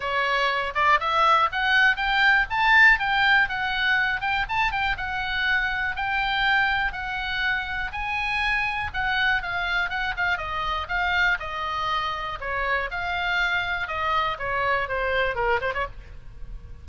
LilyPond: \new Staff \with { instrumentName = "oboe" } { \time 4/4 \tempo 4 = 121 cis''4. d''8 e''4 fis''4 | g''4 a''4 g''4 fis''4~ | fis''8 g''8 a''8 g''8 fis''2 | g''2 fis''2 |
gis''2 fis''4 f''4 | fis''8 f''8 dis''4 f''4 dis''4~ | dis''4 cis''4 f''2 | dis''4 cis''4 c''4 ais'8 c''16 cis''16 | }